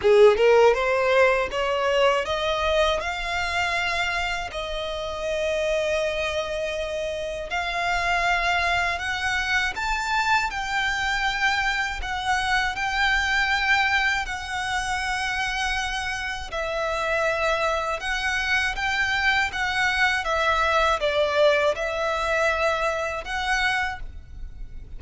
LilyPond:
\new Staff \with { instrumentName = "violin" } { \time 4/4 \tempo 4 = 80 gis'8 ais'8 c''4 cis''4 dis''4 | f''2 dis''2~ | dis''2 f''2 | fis''4 a''4 g''2 |
fis''4 g''2 fis''4~ | fis''2 e''2 | fis''4 g''4 fis''4 e''4 | d''4 e''2 fis''4 | }